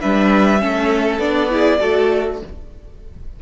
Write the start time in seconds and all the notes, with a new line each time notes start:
0.00 G3 D4 B4 E5
0.59 A3 C#4 A4
1.18 B3 D4 D5
1.49 E4 G#4
1.79 A3 F#4 A4